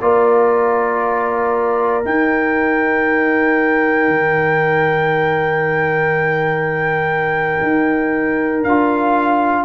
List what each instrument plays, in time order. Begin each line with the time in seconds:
0.00 tuba A#3, trombone F4, horn A#4, trumpet D5
2.02 trombone D#4, tuba D#4, trumpet G5
4.07 tuba D#3
7.62 tuba D#4
8.63 tuba D4, trombone F4, trumpet F5